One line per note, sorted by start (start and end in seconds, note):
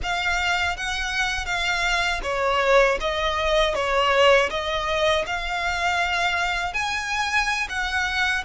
0.02 0.76 F5
0.76 1.45 F#5
1.45 2.20 F5
2.23 2.98 C#5
3.00 3.74 D#5
3.74 4.49 C#5
4.50 5.25 D#5
5.26 6.73 F5
6.73 7.67 G#5
7.69 8.44 F#5